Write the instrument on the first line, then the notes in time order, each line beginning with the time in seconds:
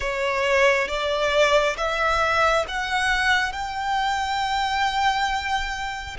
violin
0.00 C#5
0.88 D5
1.77 E5
2.68 F#5
3.52 G5